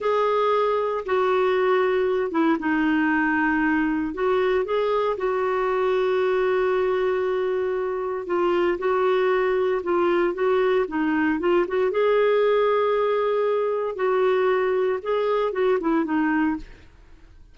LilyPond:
\new Staff \with { instrumentName = "clarinet" } { \time 4/4 \tempo 4 = 116 gis'2 fis'2~ | fis'8 e'8 dis'2. | fis'4 gis'4 fis'2~ | fis'1 |
f'4 fis'2 f'4 | fis'4 dis'4 f'8 fis'8 gis'4~ | gis'2. fis'4~ | fis'4 gis'4 fis'8 e'8 dis'4 | }